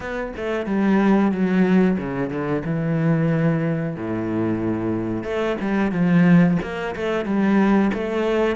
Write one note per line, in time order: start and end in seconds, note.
0.00 0.32 B3
0.36 0.66 A3
0.66 1.31 G3
1.31 1.97 F#3
1.98 2.30 C#3
2.30 2.63 D3
2.64 3.96 E3
3.96 5.23 A2
5.23 5.56 A3
5.60 5.91 G3
5.91 6.57 F3
6.62 6.95 A#3
6.95 7.25 A3
7.25 7.91 G3
7.93 8.56 A3